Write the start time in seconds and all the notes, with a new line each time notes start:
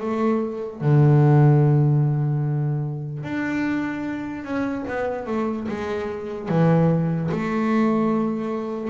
0.00 A3
0.81 D3
3.23 D4
4.44 C#4
4.88 B3
5.27 A3
5.68 G#3
6.48 E3
7.31 A3